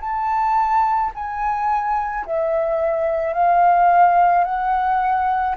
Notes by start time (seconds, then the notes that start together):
0.00 A5
1.14 G#5
2.26 E5
3.33 F5
4.44 F#5